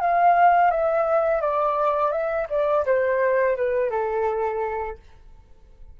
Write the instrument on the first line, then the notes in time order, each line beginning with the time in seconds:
flute
0.00 F5
0.70 E5
1.41 D5
2.11 E5
2.49 D5
2.86 C5
3.56 B4
3.90 A4